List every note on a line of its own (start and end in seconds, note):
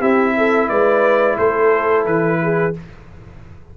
0.00 0.69 C4
0.00 2.74 E4
0.00 0.34 G4
0.00 0.69 E5
0.37 0.69 A4
0.69 1.38 G#3
0.69 1.38 B4
0.69 1.37 D5
1.38 2.05 A3
1.38 2.40 A4
1.38 2.06 C5
2.05 2.74 E3
2.05 2.74 B4
2.43 2.77 G#4